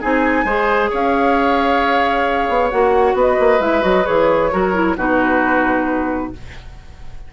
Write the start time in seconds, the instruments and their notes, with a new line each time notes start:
0.00 bassoon C4, clarinet D#4, oboe G#4, flute G#5
0.45 bassoon G#3, clarinet G#4, oboe C5
0.90 bassoon C#4, oboe C#5, flute F5
2.49 bassoon B3
2.71 bassoon A#3, clarinet F#4, flute F#5
3.15 bassoon B3, oboe B4
3.21 flute D#5
3.40 bassoon A#3
3.60 bassoon G#3, clarinet E4, flute E5
3.81 bassoon F#3, clarinet F#4, flute D#5
4.05 bassoon E3, clarinet G#4, flute C#5
4.52 bassoon F#3, clarinet F#4, oboe A#4
4.74 clarinet E4
4.97 bassoon B2, clarinet D#4, oboe F#4, flute B4